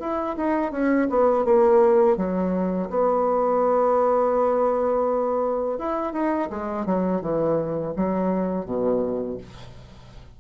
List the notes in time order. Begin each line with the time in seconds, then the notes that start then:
0.00 E4
0.37 D#4
0.72 C#4
1.10 B3
1.45 A#3
2.17 F#3
2.89 B3
5.79 E4
6.13 D#4
6.50 G#3
6.86 F#3
7.21 E3
7.96 F#3
8.65 B2